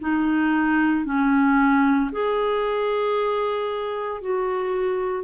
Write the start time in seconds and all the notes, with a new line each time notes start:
0.00 D#4
1.05 C#4
2.11 G#4
4.21 F#4